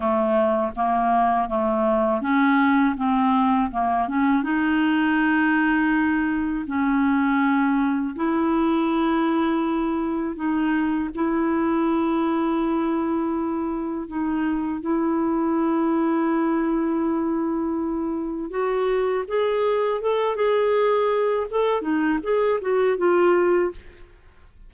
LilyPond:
\new Staff \with { instrumentName = "clarinet" } { \time 4/4 \tempo 4 = 81 a4 ais4 a4 cis'4 | c'4 ais8 cis'8 dis'2~ | dis'4 cis'2 e'4~ | e'2 dis'4 e'4~ |
e'2. dis'4 | e'1~ | e'4 fis'4 gis'4 a'8 gis'8~ | gis'4 a'8 dis'8 gis'8 fis'8 f'4 | }